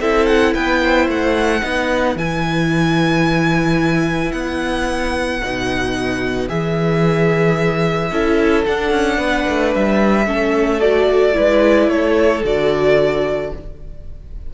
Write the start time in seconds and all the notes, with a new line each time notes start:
0.00 C4 E4 A4 E5
0.26 F#5
0.53 B3 B4 G5
0.82 C5
1.08 A3 F#5
1.61 B3 D#4 B4
2.15 E3 E4 G#5
4.32 B3 F#5
5.43 B2 D#4
6.48 E3 G#4 E5
8.11 C#4 E4 A4
8.65 D4 F#5
8.91 C#4
9.18 B3 B4
9.48 A3
9.74 G3 E5
10.26 A3 C#4 A4
10.80 F#4 D5
11.33 G#3 E4 B4
11.88 A3 A4 C#5
12.43 D3 F#4 D5